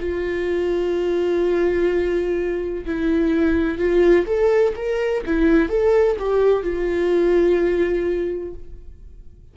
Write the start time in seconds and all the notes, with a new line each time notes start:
0.00 F4
2.86 E4
3.78 F4
4.27 A4
4.76 A#4
5.26 E4
5.70 A4
6.19 G4
6.64 F4